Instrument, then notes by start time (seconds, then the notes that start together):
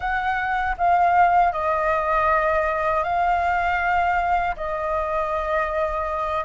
flute
0.00 F#5
0.77 F5
1.52 D#5
3.03 F5
4.56 D#5